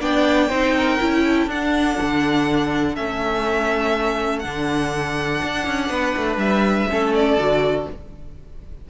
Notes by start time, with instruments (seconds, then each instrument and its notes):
0.00 cello B3, viola D4, violin D5 G5
0.49 cello C4, viola D#4, violin C5
0.77 violin A#4
1.00 cello C#4, viola E4
1.24 violin A4
1.47 cello D4, viola D4, violin F#5
2.01 cello D3
2.96 cello A3, viola C#4, violin E5
4.40 cello D3, viola D4, violin F#5
5.43 cello D4
5.67 cello C#4
5.90 cello B3, violin B4
6.17 cello A3
6.37 cello G3, violin E5
6.89 cello A3, viola C#4, violin A4
7.15 violin D5
7.37 cello D3, viola F#4